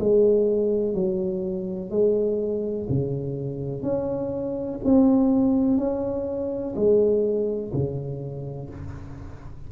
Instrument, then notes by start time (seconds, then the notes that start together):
tuba
0.00 G#3
0.95 F#3
1.91 G#3
2.90 C#3
3.83 C#4
4.85 C4
5.78 C#4
6.76 G#3
7.73 C#3